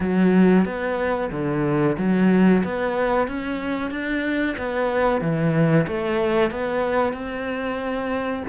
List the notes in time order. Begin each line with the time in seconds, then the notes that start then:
0.00 F#3
0.65 B3
1.31 D3
1.98 F#3
2.64 B3
3.27 C#4
3.90 D4
4.57 B3
5.21 E3
5.87 A3
6.50 B3
7.13 C4